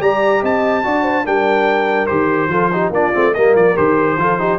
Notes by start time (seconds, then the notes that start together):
0.00 G3 G4 D5 A#5
0.43 C4 D#5 A5
0.84 D4 F#4 D5
1.03 C5
1.25 G3 D4 A#4 G5
2.07 D#3 G4 C5
2.48 F3 F4 A4
2.72 D#4 G4
2.90 A#3 D4 F4 D5
3.14 A3 C4
3.34 G3 A#3 A#4 D#5
3.55 F3 D5
3.76 D#3 G4 C5
4.18 F3 F4 A4
4.39 D#4 G4